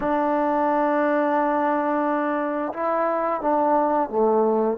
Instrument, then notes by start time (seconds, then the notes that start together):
trombone
0.00 D4
2.73 E4
3.41 D4
4.09 A3